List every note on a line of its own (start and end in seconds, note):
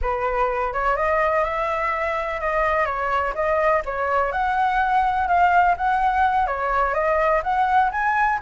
0.01 0.73 B4
0.73 0.96 C#5
0.96 1.44 D#5
1.44 2.40 E5
2.40 2.85 D#5
2.85 3.33 C#5
3.34 3.82 D#5
3.85 4.32 C#5
4.32 5.27 F#5
5.27 5.75 F5
5.77 6.47 F#5
6.47 6.94 C#5
6.94 7.42 D#5
7.43 7.91 F#5
7.91 8.39 G#5